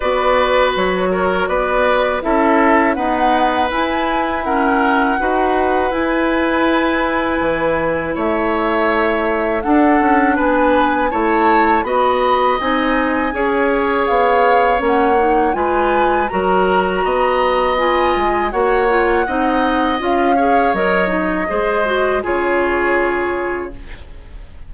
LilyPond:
<<
  \new Staff \with { instrumentName = "flute" } { \time 4/4 \tempo 4 = 81 d''4 cis''4 d''4 e''4 | fis''4 gis''4 fis''2 | gis''2. e''4~ | e''4 fis''4 gis''4 a''4 |
b''4 gis''2 f''4 | fis''4 gis''4 ais''2 | gis''4 fis''2 f''4 | dis''2 cis''2 | }
  \new Staff \with { instrumentName = "oboe" } { \time 4/4 b'4. ais'8 b'4 a'4 | b'2 ais'4 b'4~ | b'2. cis''4~ | cis''4 a'4 b'4 cis''4 |
dis''2 cis''2~ | cis''4 b'4 ais'4 dis''4~ | dis''4 cis''4 dis''4. cis''8~ | cis''4 c''4 gis'2 | }
  \new Staff \with { instrumentName = "clarinet" } { \time 4/4 fis'2. e'4 | b4 e'4 cis'4 fis'4 | e'1~ | e'4 d'2 e'4 |
fis'4 dis'4 gis'2 | cis'8 dis'8 f'4 fis'2 | f'4 fis'8 f'8 dis'4 f'8 gis'8 | ais'8 dis'8 gis'8 fis'8 f'2 | }
  \new Staff \with { instrumentName = "bassoon" } { \time 4/4 b4 fis4 b4 cis'4 | dis'4 e'2 dis'4 | e'2 e4 a4~ | a4 d'8 cis'8 b4 a4 |
b4 c'4 cis'4 b4 | ais4 gis4 fis4 b4~ | b8 gis8 ais4 c'4 cis'4 | fis4 gis4 cis2 | }
>>